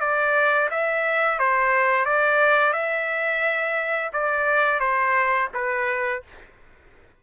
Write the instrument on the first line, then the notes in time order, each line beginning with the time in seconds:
trumpet
0.00 D5
0.71 E5
1.39 C5
2.05 D5
2.73 E5
4.13 D5
4.80 C5
5.54 B4